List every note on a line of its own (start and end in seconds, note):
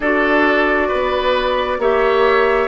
0.00 0.90 D4
0.00 1.80 F#4
0.00 0.88 A4
0.00 1.81 D5
0.88 1.78 B3
0.88 1.77 B4
1.78 2.68 A#3
1.78 2.68 G4
1.78 2.68 C#5
1.78 2.68 E5